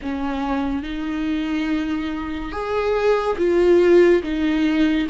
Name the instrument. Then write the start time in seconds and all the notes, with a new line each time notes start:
viola
0.02 C#4
0.82 D#4
2.52 G#4
3.38 F4
4.23 D#4